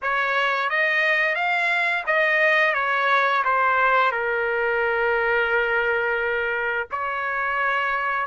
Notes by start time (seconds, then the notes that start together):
0.02 C#5
0.69 D#5
1.35 F5
2.06 D#5
2.74 C#5
3.44 C5
4.11 A#4
6.91 C#5